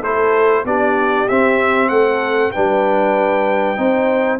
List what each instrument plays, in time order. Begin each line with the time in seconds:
0.00 tuba A3, trombone E4, horn A4, trumpet C5
0.65 tuba B3, trombone D4, horn G4, trumpet D5
1.29 tuba C4, trombone C4, trumpet E5
1.89 tuba A3, horn A4, trumpet F#5
2.52 tuba G3, trombone D4, horn B4, trumpet G5
3.77 tuba C4, trombone D#4, horn C5